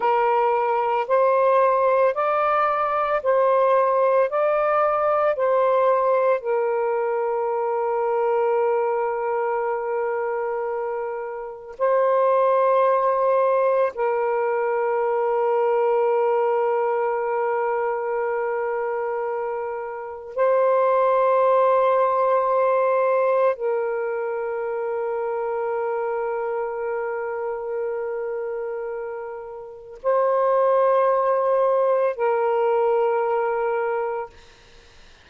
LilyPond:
\new Staff \with { instrumentName = "saxophone" } { \time 4/4 \tempo 4 = 56 ais'4 c''4 d''4 c''4 | d''4 c''4 ais'2~ | ais'2. c''4~ | c''4 ais'2.~ |
ais'2. c''4~ | c''2 ais'2~ | ais'1 | c''2 ais'2 | }